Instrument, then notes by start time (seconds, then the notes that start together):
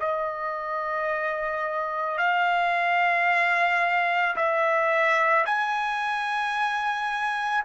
trumpet
0.00 D#5
2.18 F5
4.36 E5
5.45 G#5